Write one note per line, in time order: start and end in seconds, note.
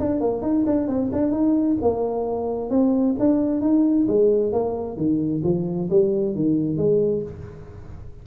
0.00 0.21 D4
0.21 0.42 A#3
0.42 0.65 D#4
0.67 0.88 D4
0.88 1.11 C4
1.13 1.32 D4
1.32 1.77 D#4
1.82 2.70 A#3
2.70 3.16 C4
3.19 3.62 D4
3.62 4.07 D#4
4.08 4.53 G#3
4.53 4.97 A#3
4.97 5.42 D#3
5.44 5.89 F3
5.90 6.35 G3
6.35 6.77 D#3
6.77 7.23 G#3